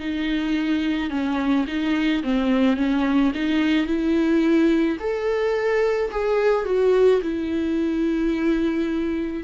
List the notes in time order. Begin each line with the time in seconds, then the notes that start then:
0.00 D#4
1.10 C#4
1.68 D#4
2.24 C4
2.77 C#4
3.34 D#4
3.87 E4
5.00 A4
6.12 G#4
6.66 F#4
7.22 E4